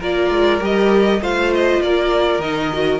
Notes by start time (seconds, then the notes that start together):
0.00 A#3 F4 A#4 D5
0.30 G#3
0.60 G3 G4 D#5
1.20 A3 F4 C5 F5
1.54 D#5
1.81 A#3 A#4 D5
2.39 D#3 D#4 D#5
2.72 F#4